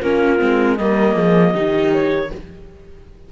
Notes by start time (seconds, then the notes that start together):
0.00 A#3 C#4 F4 A#4
0.38 G#3 C4
0.77 G3 A#3 A#4 D#5
1.14 F3 G#4
1.52 D#3 D#4 G4
1.93 C#5